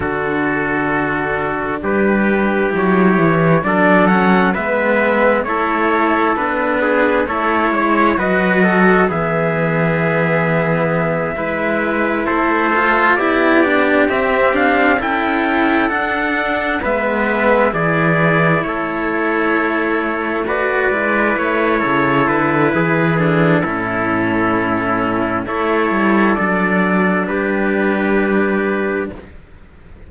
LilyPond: <<
  \new Staff \with { instrumentName = "trumpet" } { \time 4/4 \tempo 4 = 66 a'2 b'4 cis''4 | d''8 fis''8 e''4 cis''4 b'4 | cis''4 dis''4 e''2~ | e''4. c''4 d''4 e''8 |
f''8 g''4 fis''4 e''4 d''8~ | d''8 cis''2 d''4 cis''8~ | cis''8 b'4 a'2~ a'8 | cis''4 d''4 b'2 | }
  \new Staff \with { instrumentName = "trumpet" } { \time 4/4 fis'2 g'2 | a'4 b'4 a'4. gis'8 | a'8 cis''8 b'8 a'8 gis'2~ | gis'8 b'4 a'4 g'4.~ |
g'8 a'2 b'4 gis'8~ | gis'8 a'2 b'4. | a'4 gis'4 e'2 | a'2 g'2 | }
  \new Staff \with { instrumentName = "cello" } { \time 4/4 d'2. e'4 | d'8 cis'8 b4 e'4 d'4 | e'4 fis'4 b2~ | b8 e'4. f'8 e'8 d'8 c'8 |
d'8 e'4 d'4 b4 e'8~ | e'2~ e'8 fis'8 e'4~ | e'4. d'8 cis'2 | e'4 d'2. | }
  \new Staff \with { instrumentName = "cello" } { \time 4/4 d2 g4 fis8 e8 | fis4 gis4 a4 b4 | a8 gis8 fis4 e2~ | e8 gis4 a4 b4 c'8~ |
c'8 cis'4 d'4 gis4 e8~ | e8 a2~ a8 gis8 a8 | cis8 d8 e4 a,2 | a8 g8 fis4 g2 | }
>>